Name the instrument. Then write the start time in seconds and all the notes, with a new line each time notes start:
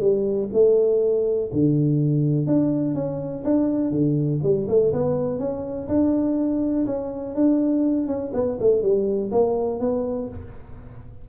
tuba
0.00 G3
0.53 A3
1.52 D3
2.46 D4
2.94 C#4
3.44 D4
3.91 D3
4.42 G3
4.68 A3
4.92 B3
5.39 C#4
5.88 D4
6.86 C#4
7.35 D4
8.07 C#4
8.33 B3
8.60 A3
8.82 G3
9.31 A#3
9.79 B3